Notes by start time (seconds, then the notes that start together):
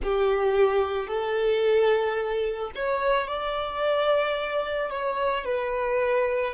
0.03 G4
1.07 A4
2.75 C#5
3.27 D5
4.90 C#5
5.44 B4